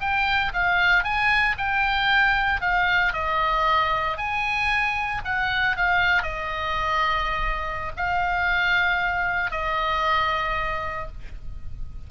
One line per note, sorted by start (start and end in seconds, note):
0.00 0.52 G5
0.53 1.03 F5
1.03 1.56 G#5
1.57 2.61 G5
2.61 3.13 F5
3.13 4.17 D#5
4.17 5.22 G#5
5.24 5.77 F#5
5.77 6.22 F5
6.22 7.92 D#5
7.97 9.51 F5
9.51 11.07 D#5